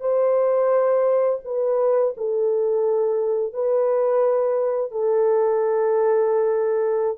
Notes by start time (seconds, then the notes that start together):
0.00 C5
1.45 B4
2.17 A4
3.54 B4
4.92 A4